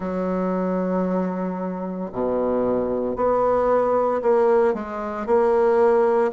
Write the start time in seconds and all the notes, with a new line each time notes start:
0.00 F#3
2.12 B2
3.16 B3
4.22 A#3
4.74 G#3
5.26 A#3